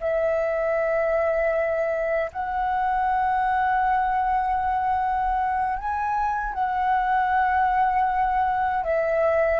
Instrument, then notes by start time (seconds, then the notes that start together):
flute
0.00 E5
2.32 F#5
5.78 G#5
6.53 F#5
8.84 E5